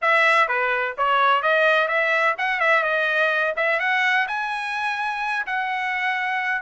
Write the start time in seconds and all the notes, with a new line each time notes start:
0.01 E5
0.48 B4
0.97 C#5
1.42 D#5
1.87 E5
2.38 F#5
2.59 E5
2.83 D#5
3.56 E5
3.79 F#5
4.27 G#5
5.46 F#5